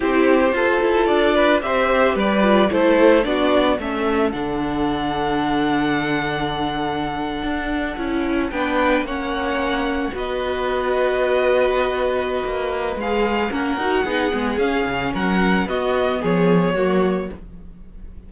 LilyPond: <<
  \new Staff \with { instrumentName = "violin" } { \time 4/4 \tempo 4 = 111 c''2 d''4 e''4 | d''4 c''4 d''4 e''4 | fis''1~ | fis''2.~ fis''8. g''16~ |
g''8. fis''2 dis''4~ dis''16~ | dis''1 | f''4 fis''2 f''4 | fis''4 dis''4 cis''2 | }
  \new Staff \with { instrumentName = "violin" } { \time 4/4 g'4 a'4. b'8 c''4 | b'4 a'4 fis'4 a'4~ | a'1~ | a'2.~ a'8. b'16~ |
b'8. cis''2 b'4~ b'16~ | b'1~ | b'4 ais'4 gis'2 | ais'4 fis'4 gis'4 fis'4 | }
  \new Staff \with { instrumentName = "viola" } { \time 4/4 e'4 f'2 g'4~ | g'8 f'8 e'4 d'4 cis'4 | d'1~ | d'2~ d'8. e'4 d'16~ |
d'8. cis'2 fis'4~ fis'16~ | fis'1 | gis'4 cis'8 fis'8 dis'8 b8 cis'4~ | cis'4 b2 ais4 | }
  \new Staff \with { instrumentName = "cello" } { \time 4/4 c'4 f'8 e'8 d'4 c'4 | g4 a4 b4 a4 | d1~ | d4.~ d16 d'4 cis'4 b16~ |
b8. ais2 b4~ b16~ | b2. ais4 | gis4 ais8 dis'8 b8 gis8 cis'8 cis8 | fis4 b4 f4 fis4 | }
>>